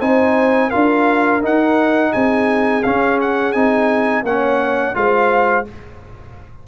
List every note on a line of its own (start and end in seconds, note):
0.00 0.72 C4
0.00 0.72 D#4
0.00 0.69 C5
0.00 0.71 G#5
0.69 1.42 F4
0.69 2.10 A#4
0.69 1.41 F5
0.75 1.44 D4
1.42 2.83 D#4
1.42 2.14 D#4
1.42 2.13 F#5
2.13 2.86 C4
2.13 4.24 G#4
2.13 2.84 G#5
2.84 3.54 C#4
2.84 3.55 C#4
2.84 3.19 F5
3.21 3.53 F#5
3.53 4.24 C4
3.53 4.25 D#4
3.53 4.23 G#5
4.24 4.95 A#3
4.24 4.94 C#4
4.24 4.96 C#5
4.24 4.96 F#5
4.94 5.67 G#3
4.94 5.65 F4
4.94 5.68 C5
4.94 5.66 F5